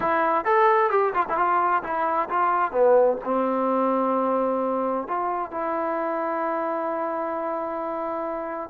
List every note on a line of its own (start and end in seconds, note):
0.00 0.45 E4
0.45 0.90 A4
0.90 1.13 G4
1.14 1.25 F4
1.29 1.37 E4
1.37 1.82 F4
1.83 2.28 E4
2.29 2.71 F4
2.71 3.17 B3
3.24 5.07 C4
5.07 5.51 F4
5.51 8.70 E4